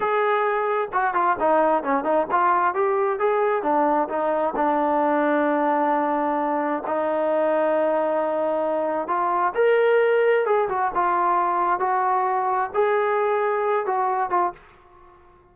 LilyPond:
\new Staff \with { instrumentName = "trombone" } { \time 4/4 \tempo 4 = 132 gis'2 fis'8 f'8 dis'4 | cis'8 dis'8 f'4 g'4 gis'4 | d'4 dis'4 d'2~ | d'2. dis'4~ |
dis'1 | f'4 ais'2 gis'8 fis'8 | f'2 fis'2 | gis'2~ gis'8 fis'4 f'8 | }